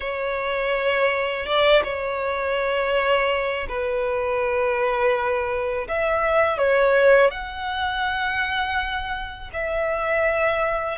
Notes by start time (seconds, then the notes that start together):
0.00 C#5
1.45 D5
1.84 C#5
3.68 B4
5.87 E5
6.58 C#5
7.30 F#5
9.53 E5